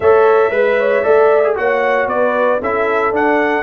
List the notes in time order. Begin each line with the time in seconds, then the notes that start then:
0.00 A3 A4 C#5 E5
0.50 G#3 B4
0.79 C#5
1.03 A3 A4 D5
1.43 G#4
1.55 A#3 F#4 C#5 F#5
2.07 B3 B4 D5
2.61 C#4 E4 A4 E5
3.11 D4 F#5